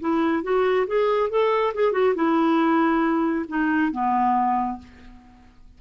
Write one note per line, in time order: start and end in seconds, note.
0.00 0.43 E4
0.43 0.86 F#4
0.87 1.30 G#4
1.30 1.73 A4
1.74 1.92 G#4
1.92 2.14 F#4
2.15 3.45 E4
3.48 3.92 D#4
3.92 4.79 B3